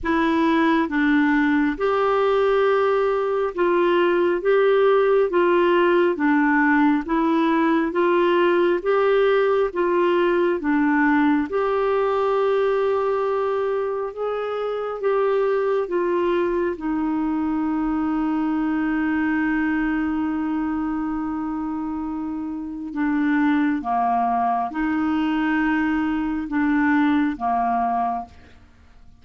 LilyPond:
\new Staff \with { instrumentName = "clarinet" } { \time 4/4 \tempo 4 = 68 e'4 d'4 g'2 | f'4 g'4 f'4 d'4 | e'4 f'4 g'4 f'4 | d'4 g'2. |
gis'4 g'4 f'4 dis'4~ | dis'1~ | dis'2 d'4 ais4 | dis'2 d'4 ais4 | }